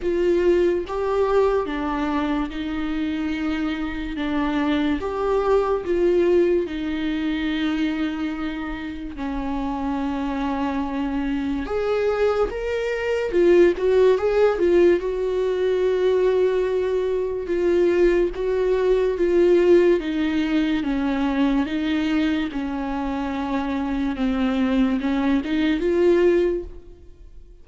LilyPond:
\new Staff \with { instrumentName = "viola" } { \time 4/4 \tempo 4 = 72 f'4 g'4 d'4 dis'4~ | dis'4 d'4 g'4 f'4 | dis'2. cis'4~ | cis'2 gis'4 ais'4 |
f'8 fis'8 gis'8 f'8 fis'2~ | fis'4 f'4 fis'4 f'4 | dis'4 cis'4 dis'4 cis'4~ | cis'4 c'4 cis'8 dis'8 f'4 | }